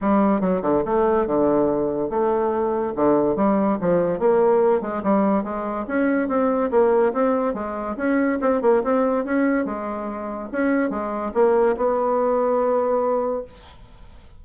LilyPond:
\new Staff \with { instrumentName = "bassoon" } { \time 4/4 \tempo 4 = 143 g4 fis8 d8 a4 d4~ | d4 a2 d4 | g4 f4 ais4. gis8 | g4 gis4 cis'4 c'4 |
ais4 c'4 gis4 cis'4 | c'8 ais8 c'4 cis'4 gis4~ | gis4 cis'4 gis4 ais4 | b1 | }